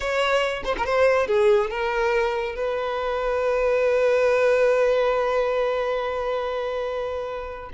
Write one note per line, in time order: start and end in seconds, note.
0.00 0.63 C#5
0.64 0.75 C5
0.77 0.85 A#4
0.85 1.27 C5
1.27 1.70 G#4
1.70 2.55 A#4
2.55 7.70 B4